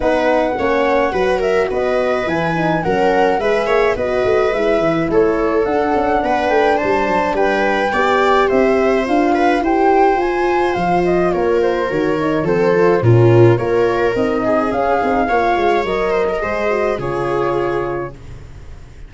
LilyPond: <<
  \new Staff \with { instrumentName = "flute" } { \time 4/4 \tempo 4 = 106 fis''2~ fis''8 e''8 dis''4 | gis''4 fis''4 e''4 dis''4 | e''4 cis''4 fis''4. g''8 | a''4 g''2 e''4 |
f''4 g''4 gis''4 f''8 dis''8 | cis''8 c''8 cis''4 c''4 ais'4 | cis''4 dis''4 f''2 | dis''2 cis''2 | }
  \new Staff \with { instrumentName = "viola" } { \time 4/4 b'4 cis''4 b'8 ais'8 b'4~ | b'4 ais'4 b'8 cis''8 b'4~ | b'4 a'2 b'4 | c''4 b'4 d''4 c''4~ |
c''8 b'8 c''2. | ais'2 a'4 f'4 | ais'4. gis'4. cis''4~ | cis''8 c''16 ais'16 c''4 gis'2 | }
  \new Staff \with { instrumentName = "horn" } { \time 4/4 dis'4 cis'4 fis'2 | e'8 dis'8 cis'4 gis'4 fis'4 | e'2 d'2~ | d'2 g'2 |
f'4 g'4 f'2~ | f'4 fis'8 dis'8 c'8 f'8 cis'4 | f'4 dis'4 cis'8 dis'8 f'4 | ais'4 gis'8 fis'8 f'2 | }
  \new Staff \with { instrumentName = "tuba" } { \time 4/4 b4 ais4 fis4 b4 | e4 fis4 gis8 ais8 b8 a8 | gis8 e8 a4 d'8 cis'8 b8 a8 | g8 fis8 g4 b4 c'4 |
d'4 e'4 f'4 f4 | ais4 dis4 f4 ais,4 | ais4 c'4 cis'8 c'8 ais8 gis8 | fis4 gis4 cis2 | }
>>